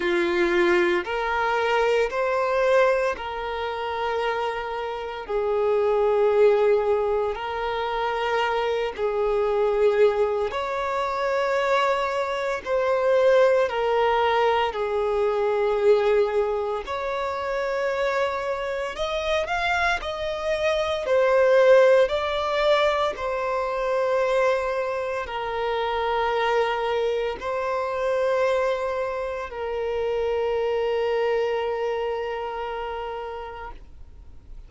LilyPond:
\new Staff \with { instrumentName = "violin" } { \time 4/4 \tempo 4 = 57 f'4 ais'4 c''4 ais'4~ | ais'4 gis'2 ais'4~ | ais'8 gis'4. cis''2 | c''4 ais'4 gis'2 |
cis''2 dis''8 f''8 dis''4 | c''4 d''4 c''2 | ais'2 c''2 | ais'1 | }